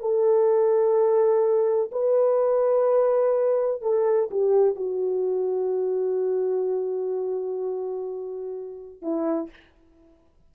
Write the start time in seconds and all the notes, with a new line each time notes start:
0.00 A4
1.92 B4
3.82 A4
4.31 G4
4.76 F#4
9.02 E4